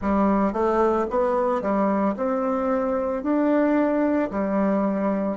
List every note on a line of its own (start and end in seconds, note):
0.01 0.52 G3
0.52 1.06 A3
1.10 1.61 B3
1.61 2.15 G3
2.16 3.22 C4
3.22 4.30 D4
4.30 5.37 G3